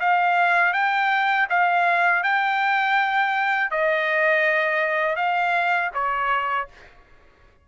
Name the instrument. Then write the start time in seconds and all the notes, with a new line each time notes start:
trumpet
0.00 F5
0.73 G5
1.49 F5
2.23 G5
3.70 D#5
5.16 F5
5.94 C#5